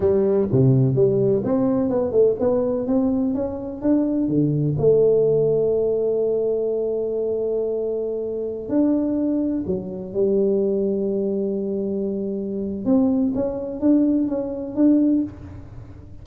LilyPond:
\new Staff \with { instrumentName = "tuba" } { \time 4/4 \tempo 4 = 126 g4 c4 g4 c'4 | b8 a8 b4 c'4 cis'4 | d'4 d4 a2~ | a1~ |
a2~ a16 d'4.~ d'16~ | d'16 fis4 g2~ g8.~ | g2. c'4 | cis'4 d'4 cis'4 d'4 | }